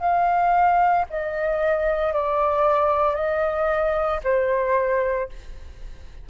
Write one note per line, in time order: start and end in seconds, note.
0.00 1.05 F5
1.10 2.13 D#5
2.13 3.15 D5
3.15 4.20 D#5
4.23 5.29 C5